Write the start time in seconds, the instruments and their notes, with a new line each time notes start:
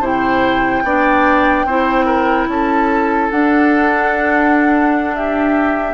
0.00 bassoon C3, clarinet E4, oboe C5, flute G5
0.84 bassoon B3, clarinet D4, oboe D5
1.65 bassoon C4, clarinet E4, oboe C5
2.05 oboe A#4
2.47 bassoon C#4, oboe A4, flute A5
3.31 clarinet D4, bassoon D4, flute F#5
5.15 oboe G4, flute E5